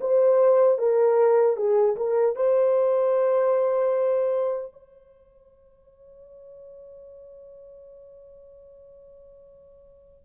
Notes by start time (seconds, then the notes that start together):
0.00 C5
0.78 A#4
1.56 G#4
1.96 A#4
2.35 C5
4.72 C#5